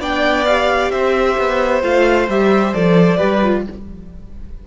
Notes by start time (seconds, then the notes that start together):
0.00 B3 D4 D5 G5
0.45 G4 F5
0.91 C4 C5 E5
1.38 B3
1.83 A3 F4 F5
2.28 G3 G4 E5
2.74 F3 A4 D5
3.17 G3 G4 B4
3.44 F4